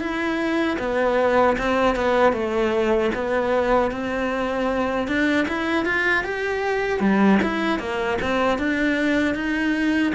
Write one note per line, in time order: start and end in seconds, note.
0.00 0.78 E4
0.79 1.57 B3
1.58 1.96 C4
1.96 2.33 B3
2.33 3.11 A3
3.15 3.92 B3
3.92 5.08 C4
5.08 5.47 D4
5.48 5.86 E4
5.86 6.24 F4
6.24 7.00 G4
7.00 7.39 G3
7.43 7.80 E4
7.80 8.19 A#3
8.22 8.59 C4
8.59 9.35 D4
9.35 10.13 D#4